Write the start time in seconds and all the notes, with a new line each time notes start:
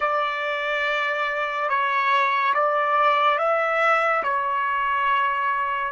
0.00 D5
1.69 C#5
2.54 D5
3.38 E5
4.23 C#5